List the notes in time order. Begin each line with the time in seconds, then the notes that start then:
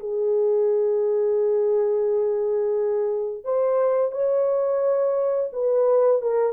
0.00 G#4
3.45 C5
4.12 C#5
5.53 B4
6.22 A#4